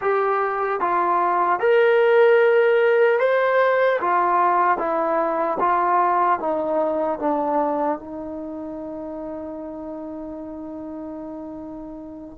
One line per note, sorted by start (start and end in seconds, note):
0.01 0.80 G4
0.80 1.59 F4
1.59 3.19 A#4
3.19 3.99 C5
4.00 4.78 F4
4.78 5.58 E4
5.59 6.39 F4
6.39 7.19 D#4
7.19 7.98 D4
7.98 12.38 D#4